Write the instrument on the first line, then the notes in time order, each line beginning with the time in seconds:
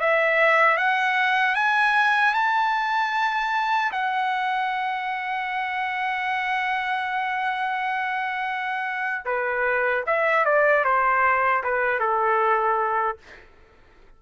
trumpet
0.00 E5
0.77 F#5
1.55 G#5
2.34 A5
3.92 F#5
9.25 B4
10.07 E5
10.45 D5
10.84 C5
11.63 B4
11.99 A4